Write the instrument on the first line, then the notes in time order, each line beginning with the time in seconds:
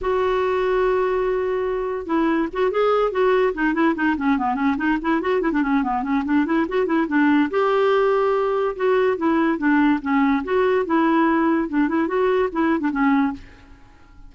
clarinet
0.01 F#4
2.06 E4
2.52 F#4
2.71 G#4
3.11 F#4
3.54 D#4
3.74 E4
3.95 D#4
4.17 C#4
4.38 B3
4.55 C#4
4.77 D#4
5.01 E4
5.21 F#4
5.41 E4
5.52 D4
5.62 C#4
5.83 B3
6.02 C#4
6.24 D4
6.45 E4
6.68 F#4
6.85 E4
7.07 D4
7.50 G4
8.75 F#4
9.17 E4
9.57 D4
10.01 C#4
10.44 F#4
10.85 E4
11.69 D4
11.88 E4
12.07 F#4
12.52 E4
12.80 D4
12.91 C#4